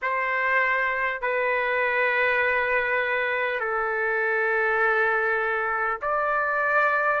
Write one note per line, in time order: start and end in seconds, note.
0.02 1.21 C5
1.21 3.59 B4
3.59 5.99 A4
6.01 7.20 D5